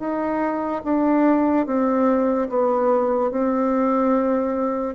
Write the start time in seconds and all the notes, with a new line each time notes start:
0.00 D#4
0.85 D4
1.66 C4
2.50 B3
3.31 C4